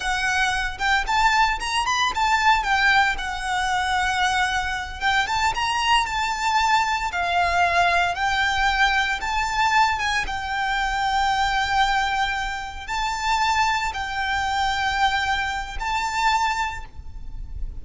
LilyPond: \new Staff \with { instrumentName = "violin" } { \time 4/4 \tempo 4 = 114 fis''4. g''8 a''4 ais''8 b''8 | a''4 g''4 fis''2~ | fis''4. g''8 a''8 ais''4 a''8~ | a''4. f''2 g''8~ |
g''4. a''4. gis''8 g''8~ | g''1~ | g''8 a''2 g''4.~ | g''2 a''2 | }